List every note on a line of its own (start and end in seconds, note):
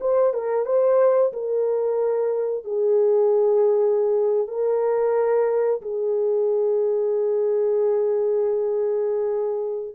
0.00 0.33 C5
0.33 0.65 A#4
0.65 1.32 C5
1.32 2.64 A#4
2.64 4.47 G#4
4.47 5.81 A#4
5.82 9.95 G#4